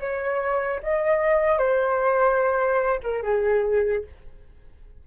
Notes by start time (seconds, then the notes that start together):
0.00 C#5
0.83 D#5
1.58 C5
3.03 A#4
3.23 G#4